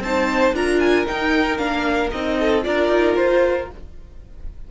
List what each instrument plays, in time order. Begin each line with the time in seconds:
0.00 cello C4, viola D#4, violin C5 A5
0.53 cello D4, viola F4, violin A#4 A#5
0.80 violin G#5
1.06 viola D#4, cello D#4, violin G5
1.58 cello A#3, viola D4, violin F5
2.11 cello C4, viola D#4, violin D#5
2.39 violin A4
2.62 cello D4, viola F4, violin A#4 D5
2.89 cello D#4
3.16 cello F4, violin C5